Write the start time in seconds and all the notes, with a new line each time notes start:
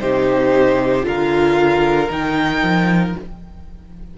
0.00 C3 D#4 G4 C5
1.02 D3 F4 A#4 F5
2.09 D#3 D#4 G5
2.62 F3